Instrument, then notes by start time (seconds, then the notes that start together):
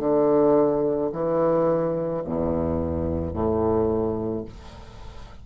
bassoon
0.00 D3
1.13 E3
2.25 E2
3.34 A2